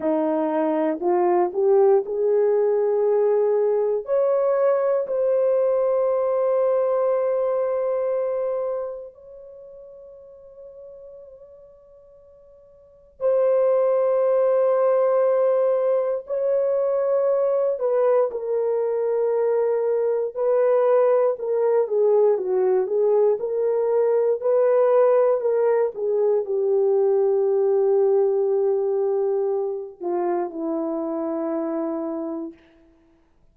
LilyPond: \new Staff \with { instrumentName = "horn" } { \time 4/4 \tempo 4 = 59 dis'4 f'8 g'8 gis'2 | cis''4 c''2.~ | c''4 cis''2.~ | cis''4 c''2. |
cis''4. b'8 ais'2 | b'4 ais'8 gis'8 fis'8 gis'8 ais'4 | b'4 ais'8 gis'8 g'2~ | g'4. f'8 e'2 | }